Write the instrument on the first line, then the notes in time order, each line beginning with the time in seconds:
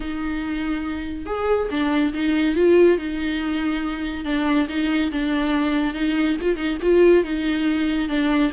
viola
0.00 D#4
1.26 G#4
1.70 D4
2.13 D#4
2.55 F4
2.97 D#4
4.24 D4
4.68 D#4
5.11 D4
5.94 D#4
6.41 F4
6.56 D#4
6.82 F4
7.23 D#4
8.09 D4